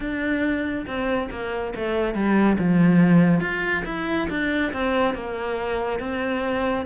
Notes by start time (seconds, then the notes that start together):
0.00 D4
0.86 C4
1.31 A#3
1.75 A3
2.14 G3
2.58 F3
3.40 F4
3.85 E4
4.29 D4
4.72 C4
5.14 A#3
5.99 C4